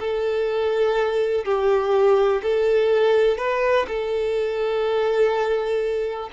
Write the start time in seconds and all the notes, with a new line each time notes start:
0.00 A4
1.45 G4
2.42 A4
3.38 B4
3.88 A4